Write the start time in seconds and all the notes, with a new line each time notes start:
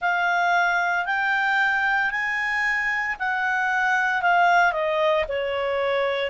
0.00 F5
1.05 G5
2.11 G#5
3.19 F#5
4.22 F5
4.72 D#5
5.28 C#5